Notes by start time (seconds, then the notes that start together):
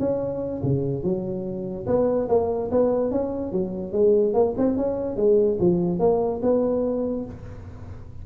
0.00 C#4
0.64 C#3
1.03 F#3
1.87 B3
2.29 A#3
2.72 B3
3.12 C#4
3.52 F#3
3.93 G#3
4.34 A#3
4.58 C4
4.77 C#4
5.17 G#3
5.61 F3
6.00 A#3
6.43 B3